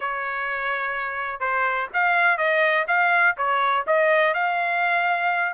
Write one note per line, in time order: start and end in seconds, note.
0.00 1.40 C#5
1.40 1.88 C5
1.93 2.37 F5
2.37 2.85 D#5
2.87 3.35 F5
3.37 3.85 C#5
3.87 4.33 D#5
4.33 5.53 F5